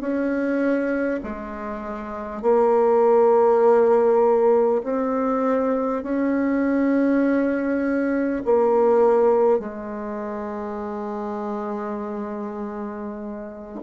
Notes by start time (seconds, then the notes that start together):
0.00 C#4
1.23 G#3
2.42 A#3
4.83 C4
6.03 C#4
8.45 A#3
9.59 G#3